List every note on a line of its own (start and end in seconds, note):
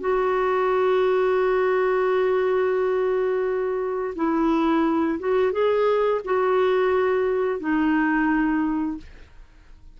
0.00 4.14 F#4
4.15 5.19 E4
5.19 5.52 F#4
5.52 6.21 G#4
6.24 7.60 F#4
7.60 8.97 D#4